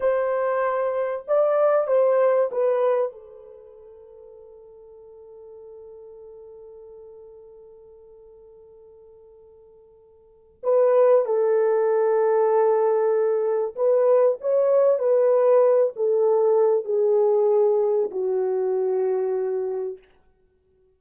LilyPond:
\new Staff \with { instrumentName = "horn" } { \time 4/4 \tempo 4 = 96 c''2 d''4 c''4 | b'4 a'2.~ | a'1~ | a'1~ |
a'4 b'4 a'2~ | a'2 b'4 cis''4 | b'4. a'4. gis'4~ | gis'4 fis'2. | }